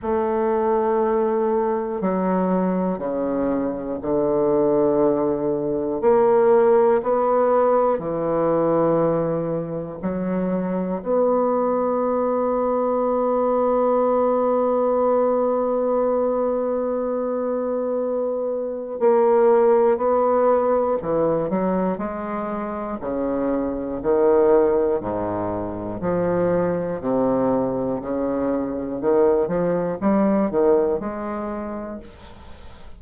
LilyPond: \new Staff \with { instrumentName = "bassoon" } { \time 4/4 \tempo 4 = 60 a2 fis4 cis4 | d2 ais4 b4 | e2 fis4 b4~ | b1~ |
b2. ais4 | b4 e8 fis8 gis4 cis4 | dis4 gis,4 f4 c4 | cis4 dis8 f8 g8 dis8 gis4 | }